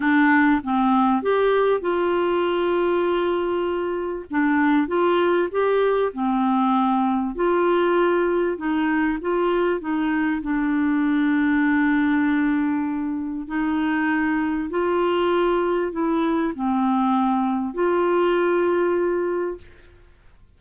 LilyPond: \new Staff \with { instrumentName = "clarinet" } { \time 4/4 \tempo 4 = 98 d'4 c'4 g'4 f'4~ | f'2. d'4 | f'4 g'4 c'2 | f'2 dis'4 f'4 |
dis'4 d'2.~ | d'2 dis'2 | f'2 e'4 c'4~ | c'4 f'2. | }